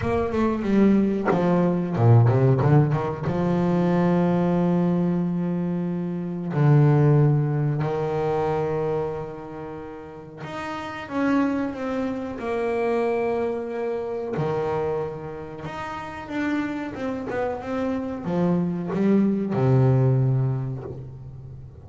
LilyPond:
\new Staff \with { instrumentName = "double bass" } { \time 4/4 \tempo 4 = 92 ais8 a8 g4 f4 ais,8 c8 | d8 dis8 f2.~ | f2 d2 | dis1 |
dis'4 cis'4 c'4 ais4~ | ais2 dis2 | dis'4 d'4 c'8 b8 c'4 | f4 g4 c2 | }